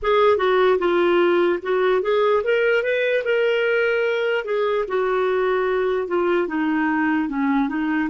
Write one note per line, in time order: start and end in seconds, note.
0.02 0.37 G#4
0.37 0.78 F#4
0.78 1.59 F4
1.62 2.02 F#4
2.02 2.42 G#4
2.43 2.83 A#4
2.83 3.23 B4
3.24 4.44 A#4
4.44 4.85 G#4
4.88 6.07 F#4
6.07 6.47 F4
6.47 7.28 D#4
7.28 7.68 C#4
7.68 8.09 D#4